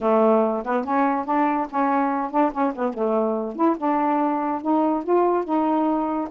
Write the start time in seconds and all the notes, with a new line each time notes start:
0.00 A3
0.64 B3
0.84 C#4
1.25 D4
1.70 C#4
2.30 D4
2.52 C#4
2.75 B3
2.93 A3
3.55 E4
3.77 D4
4.61 D#4
5.03 F4
5.44 D#4